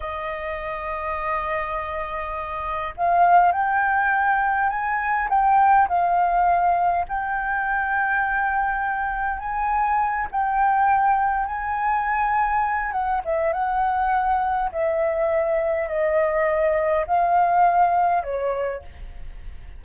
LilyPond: \new Staff \with { instrumentName = "flute" } { \time 4/4 \tempo 4 = 102 dis''1~ | dis''4 f''4 g''2 | gis''4 g''4 f''2 | g''1 |
gis''4. g''2 gis''8~ | gis''2 fis''8 e''8 fis''4~ | fis''4 e''2 dis''4~ | dis''4 f''2 cis''4 | }